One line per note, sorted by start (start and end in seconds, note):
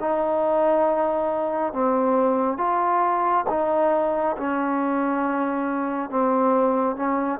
0.00 1.73 D#4
1.73 2.58 C4
2.58 3.45 F4
3.49 4.36 D#4
4.37 6.10 C#4
6.10 6.96 C4
6.96 7.40 C#4